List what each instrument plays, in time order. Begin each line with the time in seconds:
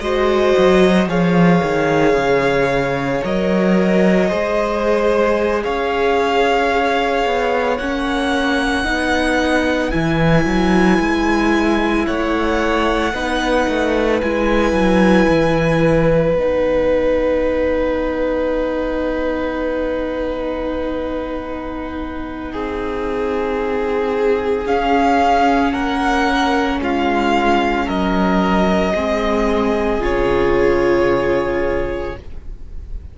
0.00 cello G#3, viola F#4, violin C5 D#5
0.58 cello F#3
1.08 cello F3, viola G#4, violin C#5 F5
1.63 cello D#3
2.14 cello C#3
3.23 cello F#3, viola A#4, violin D#5
4.29 cello G#3, viola G#4, violin C5
5.63 cello C#4, violin C#5 F5
7.25 cello B3
7.77 cello A#3, viola C#4, violin F#5
8.85 cello B3, viola D#4, violin B4
9.91 cello E3, viola E4, violin G#5
10.45 cello F#3
10.99 cello G#3
12.06 cello A3, violin C#5 F#5
13.13 cello B3, viola D#4, violin B4
13.69 cello A3
14.22 cello G#3, viola E4, violin G#5
14.72 cello F#3
15.29 cello E3
16.33 cello B3, viola D#4, violin F#5
22.52 cello C4, violin G#4
24.66 cello C#4, viola C#4, violin F5
25.72 cello A#3, violin A#4 F#5
26.80 cello G#3, violin F4 F5
27.86 cello F#3, violin A#4 D#5
28.95 cello G#3, viola C4, violin G#4
29.98 cello C#3, viola F4, violin C#5